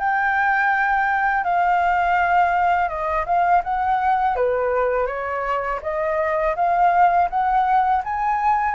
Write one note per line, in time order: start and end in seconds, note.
0.00 1.44 G5
1.44 2.89 F5
2.89 3.26 D#5
3.26 3.63 F5
3.64 4.36 F#5
4.36 5.07 B4
5.07 5.80 C#5
5.83 6.56 D#5
6.57 7.30 F5
7.30 8.03 F#5
8.05 8.75 G#5